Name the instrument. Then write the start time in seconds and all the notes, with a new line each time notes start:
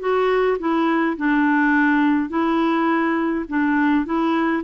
clarinet
0.00 F#4
0.59 E4
1.17 D4
2.30 E4
3.49 D4
4.05 E4